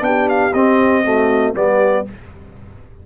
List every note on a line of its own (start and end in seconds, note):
0.00 0.51 B3
0.00 0.50 D4
0.00 1.04 G4
0.00 0.28 G5
0.29 0.53 F5
0.53 1.54 C4
0.53 1.04 C4
0.53 1.54 D#5
1.04 1.54 A3
1.04 1.55 F#4
1.54 2.05 G3
1.54 2.05 B3
1.54 2.06 G4
1.54 2.06 D5